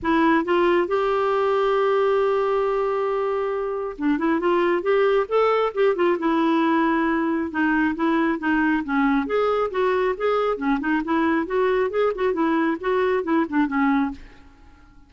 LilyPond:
\new Staff \with { instrumentName = "clarinet" } { \time 4/4 \tempo 4 = 136 e'4 f'4 g'2~ | g'1~ | g'4 d'8 e'8 f'4 g'4 | a'4 g'8 f'8 e'2~ |
e'4 dis'4 e'4 dis'4 | cis'4 gis'4 fis'4 gis'4 | cis'8 dis'8 e'4 fis'4 gis'8 fis'8 | e'4 fis'4 e'8 d'8 cis'4 | }